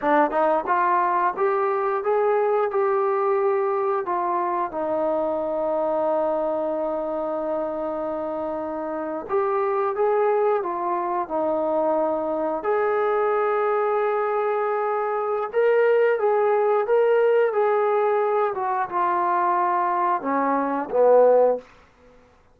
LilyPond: \new Staff \with { instrumentName = "trombone" } { \time 4/4 \tempo 4 = 89 d'8 dis'8 f'4 g'4 gis'4 | g'2 f'4 dis'4~ | dis'1~ | dis'4.~ dis'16 g'4 gis'4 f'16~ |
f'8. dis'2 gis'4~ gis'16~ | gis'2. ais'4 | gis'4 ais'4 gis'4. fis'8 | f'2 cis'4 b4 | }